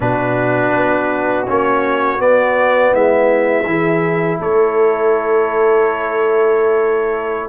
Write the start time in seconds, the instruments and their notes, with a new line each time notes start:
0.00 tuba B2, trombone D4, horn F#4, trumpet B4
0.72 tuba B3
1.47 tuba A#3, trombone C#4, trumpet C#5
2.17 trombone B3, tuba B3, trumpet D5
2.92 tuba G#3, horn E4, trumpet E5
3.65 tuba E3, trombone E4, horn G#4
4.39 tuba A3, horn A4, trumpet C#5